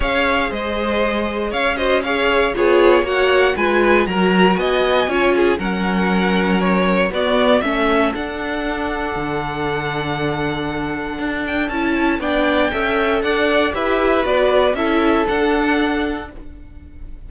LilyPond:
<<
  \new Staff \with { instrumentName = "violin" } { \time 4/4 \tempo 4 = 118 f''4 dis''2 f''8 dis''8 | f''4 cis''4 fis''4 gis''4 | ais''4 gis''2 fis''4~ | fis''4 cis''4 d''4 e''4 |
fis''1~ | fis''2~ fis''8 g''8 a''4 | g''2 fis''4 e''4 | d''4 e''4 fis''2 | }
  \new Staff \with { instrumentName = "violin" } { \time 4/4 cis''4 c''2 cis''8 c''8 | cis''4 gis'4 cis''4 b'4 | ais'4 dis''4 cis''8 gis'8 ais'4~ | ais'2 fis'4 a'4~ |
a'1~ | a'1 | d''4 e''4 d''4 b'4~ | b'4 a'2. | }
  \new Staff \with { instrumentName = "viola" } { \time 4/4 gis'2.~ gis'8 fis'8 | gis'4 f'4 fis'4 f'4 | fis'2 f'4 cis'4~ | cis'2 b4 cis'4 |
d'1~ | d'2. e'4 | d'4 a'2 g'4 | fis'4 e'4 d'2 | }
  \new Staff \with { instrumentName = "cello" } { \time 4/4 cis'4 gis2 cis'4~ | cis'4 b4 ais4 gis4 | fis4 b4 cis'4 fis4~ | fis2 b4 a4 |
d'2 d2~ | d2 d'4 cis'4 | b4 cis'4 d'4 e'4 | b4 cis'4 d'2 | }
>>